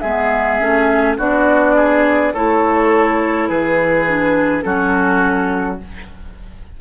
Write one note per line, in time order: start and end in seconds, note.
0.00 0.61 G#3
0.00 0.60 B3
0.00 1.17 G#4
0.00 1.15 E5
0.60 1.18 A3
0.60 1.18 C#4
1.18 2.33 B3
1.18 2.34 D4
1.18 1.75 F#4
1.18 2.34 D5
1.76 2.34 G#4
2.34 3.50 A3
2.34 4.08 E4
2.34 3.49 A4
2.34 3.50 C#5
3.49 4.65 E3
3.49 4.64 G#4
3.49 4.63 B4
4.08 4.63 D4
4.63 5.80 F#3
4.63 5.78 C#4
4.63 5.81 F#4
4.63 5.78 A4